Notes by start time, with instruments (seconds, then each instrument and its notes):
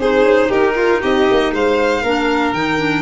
0.00 tuba C4, clarinet D#4, violin G#4 C5
0.23 tuba C#4
0.49 tuba D#4, violin G4 A#4
0.76 violin F4
1.01 tuba C4, violin G4 D#5
1.31 tuba A#3
1.53 tuba G#3, violin C5 F5
2.03 tuba A#3, clarinet D4, violin A#4
2.53 tuba D#3, clarinet D#4, violin G5
2.78 clarinet D4